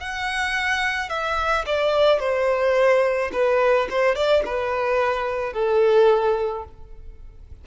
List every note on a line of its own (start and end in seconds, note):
0.00 1.10 F#5
1.10 1.65 E5
1.66 2.20 D5
2.20 3.31 C5
3.33 3.88 B4
3.90 4.15 C5
4.15 4.43 D5
4.45 5.54 B4
5.54 6.65 A4